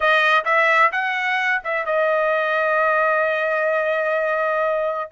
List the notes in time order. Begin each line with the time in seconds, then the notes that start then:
0.00 D#5
0.44 E5
0.92 F#5
1.63 E5
1.85 D#5